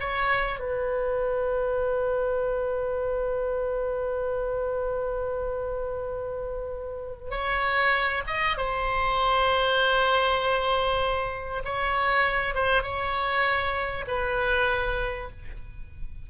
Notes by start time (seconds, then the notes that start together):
0.00 C#5
0.60 B4
7.31 C#5
8.27 D#5
8.57 C5
11.65 C#5
12.55 C5
12.83 C#5
14.08 B4